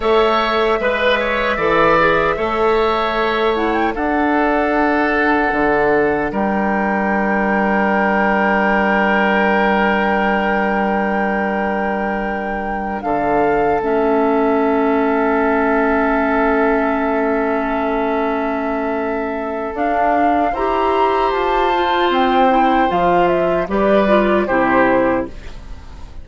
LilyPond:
<<
  \new Staff \with { instrumentName = "flute" } { \time 4/4 \tempo 4 = 76 e''1~ | e''8 fis''16 g''16 fis''2. | g''1~ | g''1~ |
g''8 f''4 e''2~ e''8~ | e''1~ | e''4 f''4 ais''4 a''4 | g''4 f''8 e''8 d''4 c''4 | }
  \new Staff \with { instrumentName = "oboe" } { \time 4/4 cis''4 b'8 cis''8 d''4 cis''4~ | cis''4 a'2. | ais'1~ | ais'1~ |
ais'8 a'2.~ a'8~ | a'1~ | a'2 c''2~ | c''2 b'4 g'4 | }
  \new Staff \with { instrumentName = "clarinet" } { \time 4/4 a'4 b'4 a'8 gis'8 a'4~ | a'8 e'8 d'2.~ | d'1~ | d'1~ |
d'4. cis'2~ cis'8~ | cis'1~ | cis'4 d'4 g'4. f'8~ | f'8 e'8 f'4 g'8 f'8 e'4 | }
  \new Staff \with { instrumentName = "bassoon" } { \time 4/4 a4 gis4 e4 a4~ | a4 d'2 d4 | g1~ | g1~ |
g8 d4 a2~ a8~ | a1~ | a4 d'4 e'4 f'4 | c'4 f4 g4 c4 | }
>>